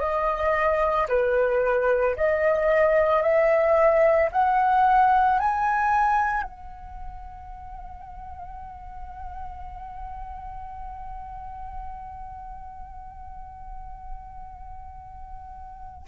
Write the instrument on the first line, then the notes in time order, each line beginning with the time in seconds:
flute
0.00 D#5
1.09 B4
2.16 D#5
3.22 E5
4.31 F#5
5.39 G#5
6.42 F#5